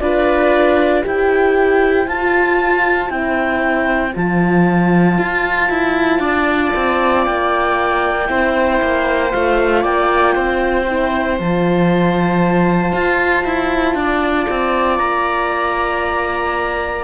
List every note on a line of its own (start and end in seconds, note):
0.00 1.04 D4
0.00 1.03 F4
0.00 1.03 B4
0.00 1.03 D5
1.03 2.07 E4
1.03 2.06 G4
1.03 6.20 C5
1.03 2.07 G5
2.07 3.10 F4
2.07 3.07 F4
2.07 3.10 A5
3.07 4.13 C4
3.07 4.11 E4
3.07 4.13 G5
4.14 5.18 F3
4.14 8.26 F4
4.14 7.25 A5
5.18 5.70 F4
5.70 6.19 E4
6.19 6.71 D4
6.19 8.27 D5
6.75 7.27 C4
7.25 8.29 A#3
7.25 9.31 G5
8.26 8.81 C4
8.26 9.29 E4
8.26 9.81 C5
8.81 9.33 A#3
9.31 9.84 A3
9.31 10.87 F4
9.31 9.83 F5
9.81 10.36 A#3
9.81 10.33 D5
9.81 11.37 G5
10.35 11.39 C4
10.35 13.97 C5
10.87 11.38 E4
11.37 12.92 F3
11.37 17.03 F4
11.37 14.97 A5
12.92 13.44 F4
13.44 13.95 E4
13.95 14.46 D4
13.95 17.03 D5
14.49 15.00 C4
14.97 17.03 A#3
14.97 17.03 A#5